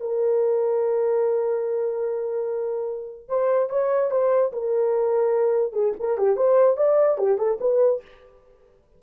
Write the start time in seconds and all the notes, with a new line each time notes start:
0.00 A#4
3.28 C5
3.69 C#5
4.11 C5
4.52 A#4
5.73 G#4
5.99 A#4
6.17 G4
6.36 C5
6.77 D5
7.17 G4
7.38 A4
7.60 B4